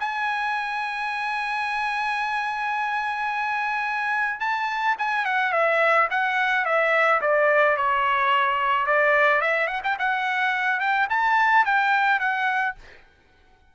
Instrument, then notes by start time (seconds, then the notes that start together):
trumpet
0.00 G#5
4.40 A5
4.99 G#5
5.26 F#5
5.53 E5
6.11 F#5
6.65 E5
7.21 D5
7.77 C#5
8.87 D5
9.42 E5
9.67 F#5
9.84 G5
9.99 F#5
10.80 G5
11.10 A5
11.65 G5
12.20 F#5